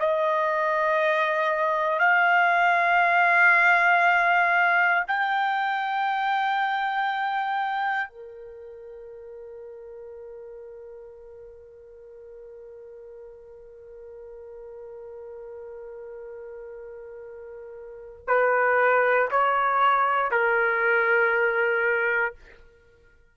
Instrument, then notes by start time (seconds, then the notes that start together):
trumpet
0.00 D#5
1.99 F5
5.08 G5
8.09 A#4
18.28 B4
19.31 C#5
20.32 A#4